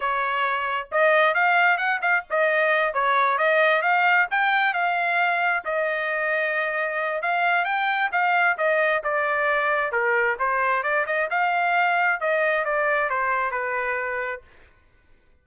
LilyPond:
\new Staff \with { instrumentName = "trumpet" } { \time 4/4 \tempo 4 = 133 cis''2 dis''4 f''4 | fis''8 f''8 dis''4. cis''4 dis''8~ | dis''8 f''4 g''4 f''4.~ | f''8 dis''2.~ dis''8 |
f''4 g''4 f''4 dis''4 | d''2 ais'4 c''4 | d''8 dis''8 f''2 dis''4 | d''4 c''4 b'2 | }